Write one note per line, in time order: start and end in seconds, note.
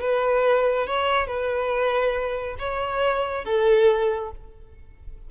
0.00 0.86 B4
0.86 1.27 C#5
1.27 2.56 B4
2.58 3.44 C#5
3.44 4.30 A4